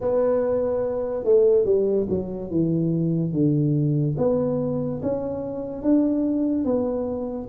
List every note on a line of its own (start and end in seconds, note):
0.00 1.24 B3
1.24 1.65 A3
1.65 2.06 G3
2.09 2.50 F#3
2.50 3.32 E3
3.32 4.16 D3
4.17 5.01 B3
5.02 5.82 C#4
5.82 6.64 D4
6.64 7.48 B3